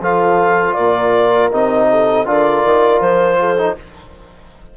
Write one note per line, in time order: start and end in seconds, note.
0.00 0.75 F3
0.00 1.51 F4
0.00 0.75 A4
0.00 0.73 F5
0.73 1.51 A#2
0.73 1.87 A#4
0.73 1.48 D5
1.51 2.25 C3
1.51 2.25 D#4
1.51 2.26 D#5
1.90 2.27 A4
2.25 2.63 D3
2.25 3.57 F4
2.25 3.39 A#4
2.25 3.00 D5
2.65 3.00 D#3
3.00 3.75 F3
3.00 3.75 C5
3.39 3.77 A4
3.57 3.76 D#4